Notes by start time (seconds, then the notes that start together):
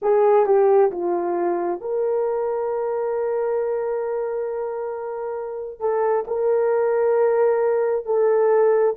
0.02 G#4
0.46 G4
0.91 F4
1.80 A#4
5.80 A4
6.27 A#4
8.05 A4